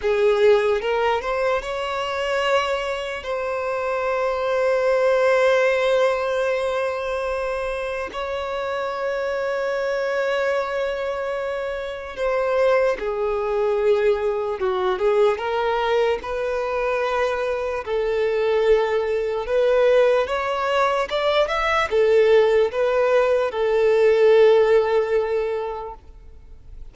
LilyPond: \new Staff \with { instrumentName = "violin" } { \time 4/4 \tempo 4 = 74 gis'4 ais'8 c''8 cis''2 | c''1~ | c''2 cis''2~ | cis''2. c''4 |
gis'2 fis'8 gis'8 ais'4 | b'2 a'2 | b'4 cis''4 d''8 e''8 a'4 | b'4 a'2. | }